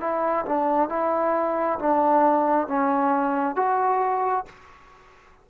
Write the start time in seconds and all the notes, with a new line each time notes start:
0.00 E4
0.45 D4
0.89 E4
1.79 D4
2.67 C#4
3.56 F#4